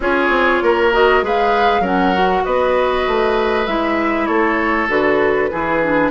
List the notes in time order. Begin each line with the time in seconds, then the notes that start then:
0.00 C#4 F4 G#4 C#5
0.29 C4
0.62 A#3 A#4
0.92 F#4 D#5
1.22 G#3 G#4 B4 F5
1.79 F#3 C#4 A#4 F#5
2.14 F#4
2.44 B3 B4 D#5
3.07 A3
3.66 G#3 E4 E5
4.26 A3 A4 C#5
4.88 D3 F#4 B4
5.50 E3 E4 G#4
5.82 D4